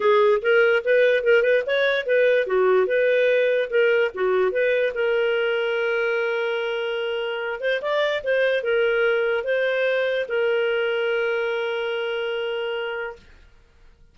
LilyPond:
\new Staff \with { instrumentName = "clarinet" } { \time 4/4 \tempo 4 = 146 gis'4 ais'4 b'4 ais'8 b'8 | cis''4 b'4 fis'4 b'4~ | b'4 ais'4 fis'4 b'4 | ais'1~ |
ais'2~ ais'8 c''8 d''4 | c''4 ais'2 c''4~ | c''4 ais'2.~ | ais'1 | }